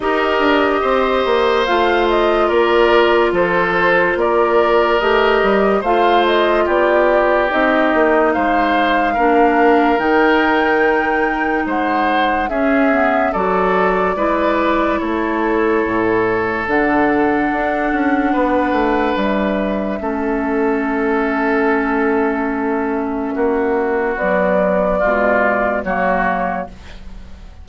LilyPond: <<
  \new Staff \with { instrumentName = "flute" } { \time 4/4 \tempo 4 = 72 dis''2 f''8 dis''8 d''4 | c''4 d''4 dis''4 f''8 dis''8 | d''4 dis''4 f''2 | g''2 fis''4 e''4 |
d''2 cis''2 | fis''2. e''4~ | e''1~ | e''4 d''2 cis''4 | }
  \new Staff \with { instrumentName = "oboe" } { \time 4/4 ais'4 c''2 ais'4 | a'4 ais'2 c''4 | g'2 c''4 ais'4~ | ais'2 c''4 gis'4 |
a'4 b'4 a'2~ | a'2 b'2 | a'1 | fis'2 f'4 fis'4 | }
  \new Staff \with { instrumentName = "clarinet" } { \time 4/4 g'2 f'2~ | f'2 g'4 f'4~ | f'4 dis'2 d'4 | dis'2. cis'8 b8 |
fis'4 e'2. | d'1 | cis'1~ | cis'4 fis4 gis4 ais4 | }
  \new Staff \with { instrumentName = "bassoon" } { \time 4/4 dis'8 d'8 c'8 ais8 a4 ais4 | f4 ais4 a8 g8 a4 | b4 c'8 ais8 gis4 ais4 | dis2 gis4 cis'4 |
fis4 gis4 a4 a,4 | d4 d'8 cis'8 b8 a8 g4 | a1 | ais4 b4 b,4 fis4 | }
>>